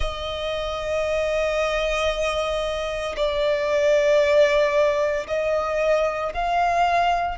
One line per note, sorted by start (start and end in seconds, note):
0.00 3.15 D#5
3.16 5.26 D5
5.27 6.33 D#5
6.34 7.37 F5